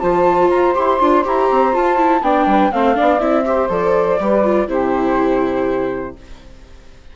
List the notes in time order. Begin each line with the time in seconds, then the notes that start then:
0.00 F3 F4 C5 A5
0.50 F4 A#5
0.75 E4 G4 C6
1.01 D4 F4
1.25 E4 G4 A#5
1.51 C4
1.73 F4 A5
1.98 E4
2.22 B3 D4 D5 G5
2.46 G3 B4
2.73 A3 C4 C5 F5
2.95 B3 D4 D5
3.20 C4 E4 E5
3.46 G4 C5
3.70 F3 A4 D5
4.20 G3 G4 B4
4.44 F4
4.68 C3 E4 G4 C5